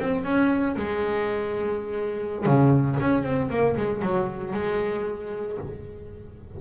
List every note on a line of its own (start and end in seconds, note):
0.00 0.24 C4
0.24 0.76 C#4
0.76 2.46 G#3
2.46 2.98 C#3
3.00 3.23 C#4
3.23 3.50 C4
3.50 3.76 A#3
3.76 4.02 G#3
4.02 4.53 F#3
4.53 5.58 G#3